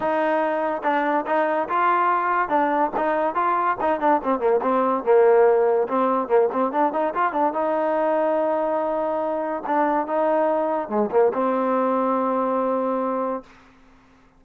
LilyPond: \new Staff \with { instrumentName = "trombone" } { \time 4/4 \tempo 4 = 143 dis'2 d'4 dis'4 | f'2 d'4 dis'4 | f'4 dis'8 d'8 c'8 ais8 c'4 | ais2 c'4 ais8 c'8 |
d'8 dis'8 f'8 d'8 dis'2~ | dis'2. d'4 | dis'2 gis8 ais8 c'4~ | c'1 | }